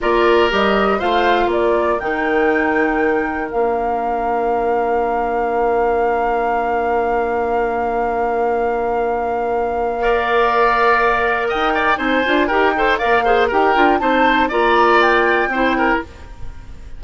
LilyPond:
<<
  \new Staff \with { instrumentName = "flute" } { \time 4/4 \tempo 4 = 120 d''4 dis''4 f''4 d''4 | g''2. f''4~ | f''1~ | f''1~ |
f''1~ | f''2. g''4 | gis''4 g''4 f''4 g''4 | a''4 ais''4 g''2 | }
  \new Staff \with { instrumentName = "oboe" } { \time 4/4 ais'2 c''4 ais'4~ | ais'1~ | ais'1~ | ais'1~ |
ais'1 | d''2. dis''8 d''8 | c''4 ais'8 c''8 d''8 c''8 ais'4 | c''4 d''2 c''8 ais'8 | }
  \new Staff \with { instrumentName = "clarinet" } { \time 4/4 f'4 g'4 f'2 | dis'2. d'4~ | d'1~ | d'1~ |
d'1 | ais'1 | dis'8 f'8 g'8 a'8 ais'8 gis'8 g'8 f'8 | dis'4 f'2 e'4 | }
  \new Staff \with { instrumentName = "bassoon" } { \time 4/4 ais4 g4 a4 ais4 | dis2. ais4~ | ais1~ | ais1~ |
ais1~ | ais2. dis'4 | c'8 d'8 dis'4 ais4 dis'8 d'8 | c'4 ais2 c'4 | }
>>